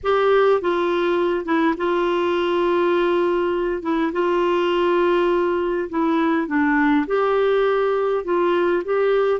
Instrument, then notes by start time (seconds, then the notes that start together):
clarinet
0.03 G4
0.61 F4
1.45 E4
1.77 F4
3.82 E4
4.12 F4
5.89 E4
6.47 D4
7.06 G4
8.24 F4
8.84 G4